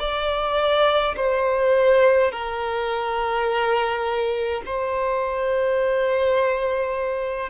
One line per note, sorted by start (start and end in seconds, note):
0.00 1.15 D5
1.17 2.32 C5
2.32 4.63 A#4
4.66 7.50 C5